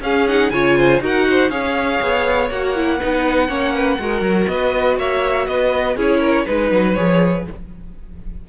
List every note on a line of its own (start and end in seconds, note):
0.00 0.50 C#4
0.00 0.28 C#4
0.00 0.53 G#4
0.00 0.27 F5
0.27 0.52 D#4
0.27 0.50 F#5
0.50 0.99 C#3
0.50 1.01 F4
0.50 0.77 C#5
0.50 0.99 G#5
0.77 1.02 C5
1.00 1.49 D#4
1.00 1.50 F#4
1.00 1.28 A#4
1.00 1.50 F#5
1.30 1.50 C5
1.49 1.99 C#4
1.49 2.49 G#4
1.49 2.98 C#5
1.49 2.49 F5
2.02 2.50 B3
2.49 3.00 A#3
2.49 2.75 F#4
2.49 4.47 F#5
2.75 3.00 E4
2.98 3.48 B3
2.98 3.48 D#4
2.98 3.47 B4
3.48 3.98 A#3
3.48 3.98 C#4
3.48 3.74 C#5
3.74 3.99 B4
3.99 4.21 G#3
3.99 5.97 F#4
3.99 4.50 A#4
4.21 4.46 F#3
4.47 4.97 B3
4.47 4.99 B4
4.47 4.97 D#5
4.97 5.47 A#3
4.97 5.46 C#5
4.97 5.46 E5
5.46 5.96 B3
5.46 5.96 B4
5.46 5.96 D#5
5.96 6.46 C#4
5.96 6.46 E4
5.96 6.20 G#4
5.96 6.45 C#5
6.20 6.44 A#4
6.45 6.71 G#3
6.45 6.96 D#4
6.45 6.94 B4
6.45 7.48 B4
6.71 6.96 F#3
6.94 7.47 F3
6.94 7.46 G#4
6.94 7.43 C#5